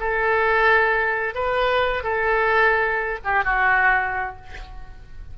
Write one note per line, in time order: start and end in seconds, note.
0.00 1.35 A4
1.35 2.04 B4
2.04 3.19 A4
3.24 3.44 G4
3.44 4.37 F#4